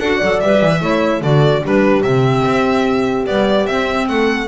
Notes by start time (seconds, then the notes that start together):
0.00 D4 F#4 A4 F#5
0.18 F#3 A4 D5
0.40 G3 B4 E5
0.61 E3
0.81 A3 E4 C#5
1.22 D3 F#4 A4 D5
1.64 G3 D4 G4 B4
2.03 C3 C4 E5
2.45 C4
3.27 G3 B3 D5
3.67 C4 E5
4.09 A3 A4 F#5